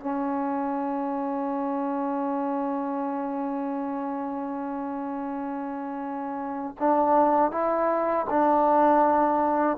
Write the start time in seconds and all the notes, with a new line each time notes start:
0.00 C#4
6.79 D4
7.51 E4
8.30 D4